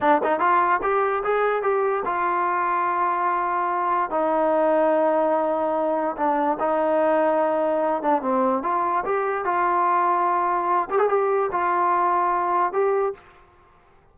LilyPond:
\new Staff \with { instrumentName = "trombone" } { \time 4/4 \tempo 4 = 146 d'8 dis'8 f'4 g'4 gis'4 | g'4 f'2.~ | f'2 dis'2~ | dis'2. d'4 |
dis'2.~ dis'8 d'8 | c'4 f'4 g'4 f'4~ | f'2~ f'8 g'16 gis'16 g'4 | f'2. g'4 | }